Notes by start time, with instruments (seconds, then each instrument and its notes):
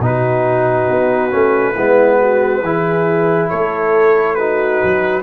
0.00 tuba B2, trombone D#4, horn F#4, trumpet B4
0.90 tuba B3
1.31 tuba A3, trombone C#4
1.74 tuba G#3, trombone B3, horn E4
2.19 horn F#4
2.62 tuba E3, trombone E4, horn G#4
3.50 tuba A3, horn A4, trumpet C#5
4.35 trombone D#4, horn F#4, trumpet B4
4.84 tuba F#3